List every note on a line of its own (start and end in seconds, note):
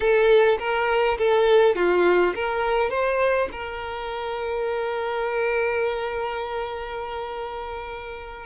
0.00 0.58 A4
0.59 1.17 A#4
1.18 1.75 A4
1.75 2.34 F4
2.35 2.90 A#4
2.90 3.48 C5
3.52 8.45 A#4